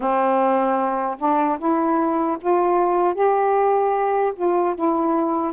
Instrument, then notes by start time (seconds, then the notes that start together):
saxophone
0.00 C4
1.18 D4
1.58 E4
2.40 F4
3.14 G4
4.35 F4
4.75 E4